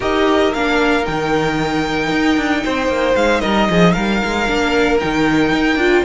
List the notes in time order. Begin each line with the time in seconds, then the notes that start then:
0.00 D#4 G4 A#4 D#5
0.53 A#3 D4 F5
1.02 D#3 D#4 G5
2.11 D#4
2.37 D4
2.64 C4 C5
2.88 A#3
3.15 G#3 F5
3.40 G3 A#4 D#5
3.69 F3 G#4
3.92 G3 A#4 F5
4.23 G#3
4.47 A#3 D4
4.99 D#3 D#4 G5
5.52 D#4
5.75 D4 F4